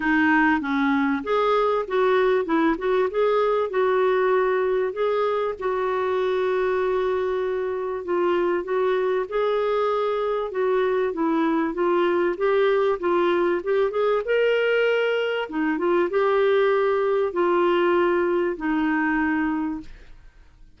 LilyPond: \new Staff \with { instrumentName = "clarinet" } { \time 4/4 \tempo 4 = 97 dis'4 cis'4 gis'4 fis'4 | e'8 fis'8 gis'4 fis'2 | gis'4 fis'2.~ | fis'4 f'4 fis'4 gis'4~ |
gis'4 fis'4 e'4 f'4 | g'4 f'4 g'8 gis'8 ais'4~ | ais'4 dis'8 f'8 g'2 | f'2 dis'2 | }